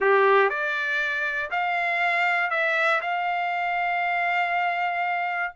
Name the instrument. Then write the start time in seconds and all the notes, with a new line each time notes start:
trumpet
0.00 G4
0.49 D5
1.50 F5
2.50 E5
3.01 F5